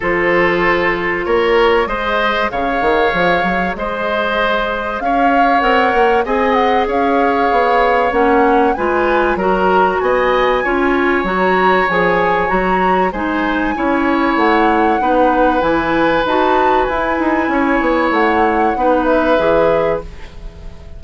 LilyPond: <<
  \new Staff \with { instrumentName = "flute" } { \time 4/4 \tempo 4 = 96 c''2 cis''4 dis''4 | f''2 dis''2 | f''4 fis''4 gis''8 fis''8 f''4~ | f''4 fis''4 gis''4 ais''4 |
gis''2 ais''4 gis''4 | ais''4 gis''2 fis''4~ | fis''4 gis''4 a''4 gis''4~ | gis''4 fis''4. e''4. | }
  \new Staff \with { instrumentName = "oboe" } { \time 4/4 a'2 ais'4 c''4 | cis''2 c''2 | cis''2 dis''4 cis''4~ | cis''2 b'4 ais'4 |
dis''4 cis''2.~ | cis''4 c''4 cis''2 | b'1 | cis''2 b'2 | }
  \new Staff \with { instrumentName = "clarinet" } { \time 4/4 f'2. gis'4~ | gis'1~ | gis'4 ais'4 gis'2~ | gis'4 cis'4 f'4 fis'4~ |
fis'4 f'4 fis'4 gis'4 | fis'4 dis'4 e'2 | dis'4 e'4 fis'4 e'4~ | e'2 dis'4 gis'4 | }
  \new Staff \with { instrumentName = "bassoon" } { \time 4/4 f2 ais4 gis4 | cis8 dis8 f8 fis8 gis2 | cis'4 c'8 ais8 c'4 cis'4 | b4 ais4 gis4 fis4 |
b4 cis'4 fis4 f4 | fis4 gis4 cis'4 a4 | b4 e4 dis'4 e'8 dis'8 | cis'8 b8 a4 b4 e4 | }
>>